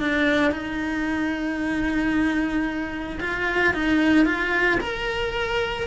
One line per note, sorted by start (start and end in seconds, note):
0.00 0.51 D4
0.51 3.19 D#4
3.20 3.74 F4
3.74 4.25 D#4
4.25 4.79 F4
4.80 5.87 A#4